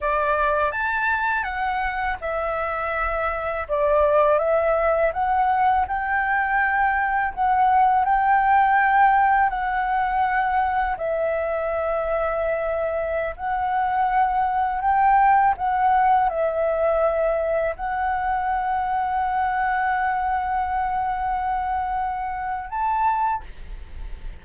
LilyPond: \new Staff \with { instrumentName = "flute" } { \time 4/4 \tempo 4 = 82 d''4 a''4 fis''4 e''4~ | e''4 d''4 e''4 fis''4 | g''2 fis''4 g''4~ | g''4 fis''2 e''4~ |
e''2~ e''16 fis''4.~ fis''16~ | fis''16 g''4 fis''4 e''4.~ e''16~ | e''16 fis''2.~ fis''8.~ | fis''2. a''4 | }